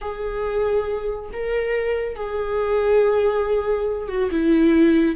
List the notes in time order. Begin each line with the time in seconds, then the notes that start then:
0.01 G#4
1.32 A#4
2.15 G#4
4.08 F#4
4.30 E4